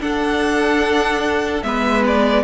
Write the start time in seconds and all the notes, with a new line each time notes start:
0.00 D4 A4 F#5
1.62 G#3 B3 B4 E5
2.06 D5